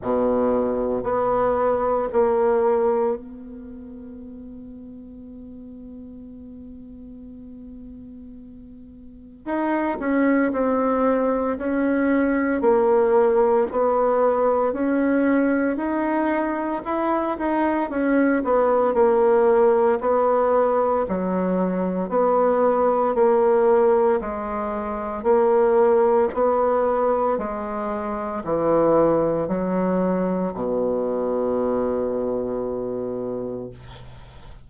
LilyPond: \new Staff \with { instrumentName = "bassoon" } { \time 4/4 \tempo 4 = 57 b,4 b4 ais4 b4~ | b1~ | b4 dis'8 cis'8 c'4 cis'4 | ais4 b4 cis'4 dis'4 |
e'8 dis'8 cis'8 b8 ais4 b4 | fis4 b4 ais4 gis4 | ais4 b4 gis4 e4 | fis4 b,2. | }